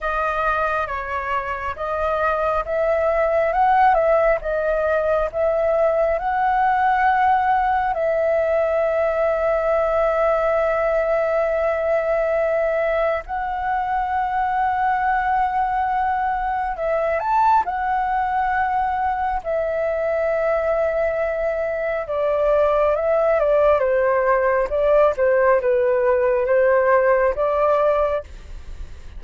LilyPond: \new Staff \with { instrumentName = "flute" } { \time 4/4 \tempo 4 = 68 dis''4 cis''4 dis''4 e''4 | fis''8 e''8 dis''4 e''4 fis''4~ | fis''4 e''2.~ | e''2. fis''4~ |
fis''2. e''8 a''8 | fis''2 e''2~ | e''4 d''4 e''8 d''8 c''4 | d''8 c''8 b'4 c''4 d''4 | }